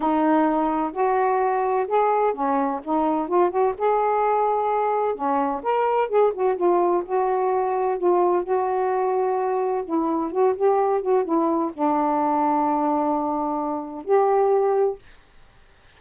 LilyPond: \new Staff \with { instrumentName = "saxophone" } { \time 4/4 \tempo 4 = 128 dis'2 fis'2 | gis'4 cis'4 dis'4 f'8 fis'8 | gis'2. cis'4 | ais'4 gis'8 fis'8 f'4 fis'4~ |
fis'4 f'4 fis'2~ | fis'4 e'4 fis'8 g'4 fis'8 | e'4 d'2.~ | d'2 g'2 | }